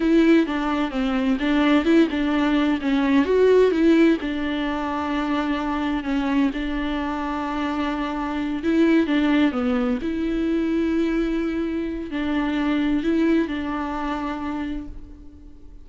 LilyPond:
\new Staff \with { instrumentName = "viola" } { \time 4/4 \tempo 4 = 129 e'4 d'4 c'4 d'4 | e'8 d'4. cis'4 fis'4 | e'4 d'2.~ | d'4 cis'4 d'2~ |
d'2~ d'8 e'4 d'8~ | d'8 b4 e'2~ e'8~ | e'2 d'2 | e'4 d'2. | }